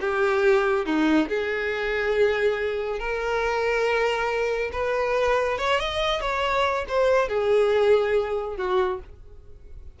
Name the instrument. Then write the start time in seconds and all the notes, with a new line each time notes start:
violin
0.00 G4
0.85 D#4
1.28 G#4
2.99 A#4
4.72 B4
5.58 C#5
5.79 D#5
6.20 C#5
6.88 C5
7.28 G#4
8.56 F#4